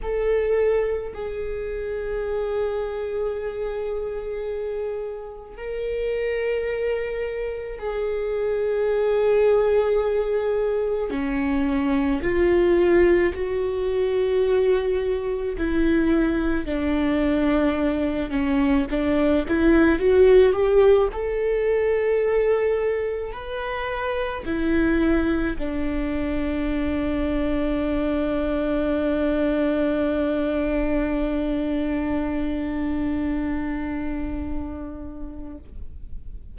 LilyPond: \new Staff \with { instrumentName = "viola" } { \time 4/4 \tempo 4 = 54 a'4 gis'2.~ | gis'4 ais'2 gis'4~ | gis'2 cis'4 f'4 | fis'2 e'4 d'4~ |
d'8 cis'8 d'8 e'8 fis'8 g'8 a'4~ | a'4 b'4 e'4 d'4~ | d'1~ | d'1 | }